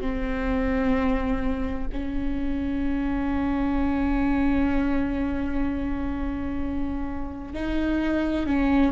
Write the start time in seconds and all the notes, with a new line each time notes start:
0.00 C4
1.92 C#4
7.53 D#4
8.46 C#4